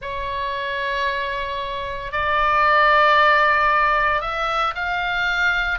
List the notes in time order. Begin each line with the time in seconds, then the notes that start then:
0.01 C#5
2.11 D5
4.21 E5
4.75 F5